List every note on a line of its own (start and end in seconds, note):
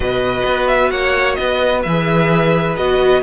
0.00 0.42 B2
0.00 1.84 F#4
0.00 0.92 B4
0.00 0.67 D#5
0.45 0.91 B3
0.67 0.90 E5
0.90 1.37 A#3
0.90 1.38 C#5
0.90 1.34 F#5
1.34 1.85 B3
1.34 3.22 B4
1.34 1.80 D#5
1.82 2.76 E3
1.82 2.77 G#4
1.82 2.75 E5
2.76 3.22 B3
2.76 3.22 F#4
2.76 3.22 D#5